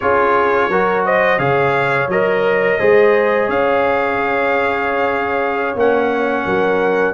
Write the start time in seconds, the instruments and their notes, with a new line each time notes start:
0.00 tuba C#4, trombone F4, horn G#4, trumpet C#5
0.68 tuba F#3, trombone F#4, horn A#4
1.05 horn C5, trumpet D#5
1.38 tuba C#3, trombone G#4, horn C#5, trumpet F5
2.08 tuba F#3, trombone A#4, trumpet D#5
2.79 tuba G#3, trombone G#4, horn C5
3.46 tuba C#4, horn C#5, trumpet F5
5.75 tuba A#3, trombone C#4, trumpet F#5
6.44 tuba F#3, horn A#4